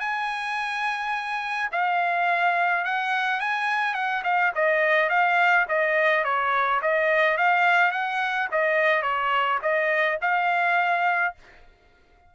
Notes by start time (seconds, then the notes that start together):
0.00 G#5
1.72 F5
2.85 F#5
3.41 G#5
3.95 F#5
4.24 F5
4.55 D#5
5.10 F5
5.69 D#5
6.24 C#5
6.82 D#5
7.38 F5
7.92 F#5
8.52 D#5
9.03 C#5
9.63 D#5
10.22 F5